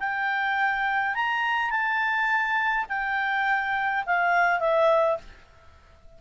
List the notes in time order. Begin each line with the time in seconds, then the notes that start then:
0.00 G5
1.15 A#5
1.71 A5
2.89 G5
4.06 F5
4.60 E5